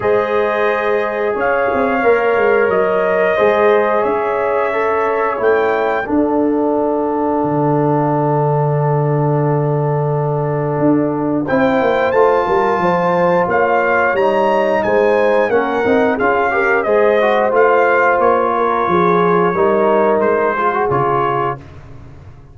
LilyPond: <<
  \new Staff \with { instrumentName = "trumpet" } { \time 4/4 \tempo 4 = 89 dis''2 f''2 | dis''2 e''2 | g''4 f''2.~ | f''1~ |
f''4 g''4 a''2 | f''4 ais''4 gis''4 fis''4 | f''4 dis''4 f''4 cis''4~ | cis''2 c''4 cis''4 | }
  \new Staff \with { instrumentName = "horn" } { \time 4/4 c''2 cis''2~ | cis''4 c''4 cis''2~ | cis''4 a'2.~ | a'1~ |
a'4 c''4. ais'8 c''4 | cis''2 c''4 ais'4 | gis'8 ais'8 c''2~ c''8 ais'8 | gis'4 ais'4. gis'4. | }
  \new Staff \with { instrumentName = "trombone" } { \time 4/4 gis'2. ais'4~ | ais'4 gis'2 a'4 | e'4 d'2.~ | d'1~ |
d'4 e'4 f'2~ | f'4 dis'2 cis'8 dis'8 | f'8 g'8 gis'8 fis'8 f'2~ | f'4 dis'4. f'16 fis'16 f'4 | }
  \new Staff \with { instrumentName = "tuba" } { \time 4/4 gis2 cis'8 c'8 ais8 gis8 | fis4 gis4 cis'2 | a4 d'2 d4~ | d1 |
d'4 c'8 ais8 a8 g8 f4 | ais4 g4 gis4 ais8 c'8 | cis'4 gis4 a4 ais4 | f4 g4 gis4 cis4 | }
>>